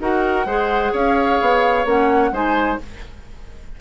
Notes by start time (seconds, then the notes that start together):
0.00 D#4 F#4 A#4 F#5
0.46 G#3 G#4 C5
0.92 C#4 C#5 F5
1.41 B3
1.85 A#3 C#4 F#5
2.32 G#3 D#4 C5 G#5